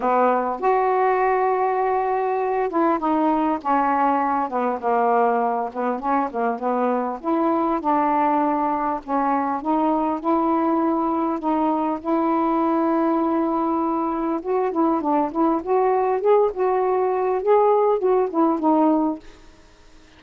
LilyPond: \new Staff \with { instrumentName = "saxophone" } { \time 4/4 \tempo 4 = 100 b4 fis'2.~ | fis'8 e'8 dis'4 cis'4. b8 | ais4. b8 cis'8 ais8 b4 | e'4 d'2 cis'4 |
dis'4 e'2 dis'4 | e'1 | fis'8 e'8 d'8 e'8 fis'4 gis'8 fis'8~ | fis'4 gis'4 fis'8 e'8 dis'4 | }